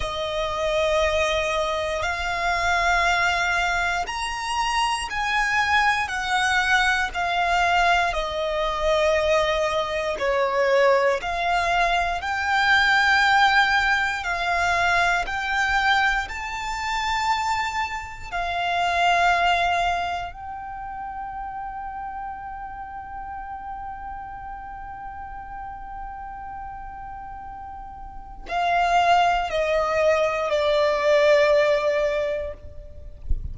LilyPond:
\new Staff \with { instrumentName = "violin" } { \time 4/4 \tempo 4 = 59 dis''2 f''2 | ais''4 gis''4 fis''4 f''4 | dis''2 cis''4 f''4 | g''2 f''4 g''4 |
a''2 f''2 | g''1~ | g''1 | f''4 dis''4 d''2 | }